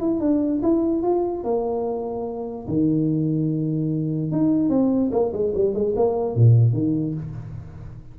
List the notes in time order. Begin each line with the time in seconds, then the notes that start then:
0.00 E4
0.20 D4
0.62 E4
1.02 F4
1.44 A#3
2.68 D#3
4.32 D#4
4.69 C4
5.12 A#3
5.33 G#3
5.55 G3
5.74 G#3
5.96 A#3
6.35 A#2
6.73 D#3